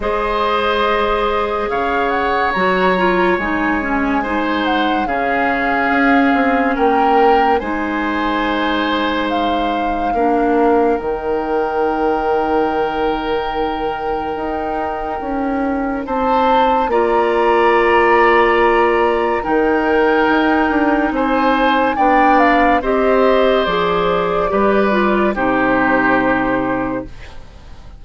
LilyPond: <<
  \new Staff \with { instrumentName = "flute" } { \time 4/4 \tempo 4 = 71 dis''2 f''8 fis''8 ais''4 | gis''4. fis''8 f''2 | g''4 gis''2 f''4~ | f''4 g''2.~ |
g''2. a''4 | ais''2. g''4~ | g''4 gis''4 g''8 f''8 dis''4 | d''2 c''2 | }
  \new Staff \with { instrumentName = "oboe" } { \time 4/4 c''2 cis''2~ | cis''4 c''4 gis'2 | ais'4 c''2. | ais'1~ |
ais'2. c''4 | d''2. ais'4~ | ais'4 c''4 d''4 c''4~ | c''4 b'4 g'2 | }
  \new Staff \with { instrumentName = "clarinet" } { \time 4/4 gis'2. fis'8 f'8 | dis'8 cis'8 dis'4 cis'2~ | cis'4 dis'2. | d'4 dis'2.~ |
dis'1 | f'2. dis'4~ | dis'2 d'4 g'4 | gis'4 g'8 f'8 dis'2 | }
  \new Staff \with { instrumentName = "bassoon" } { \time 4/4 gis2 cis4 fis4 | gis2 cis4 cis'8 c'8 | ais4 gis2. | ais4 dis2.~ |
dis4 dis'4 cis'4 c'4 | ais2. dis4 | dis'8 d'8 c'4 b4 c'4 | f4 g4 c2 | }
>>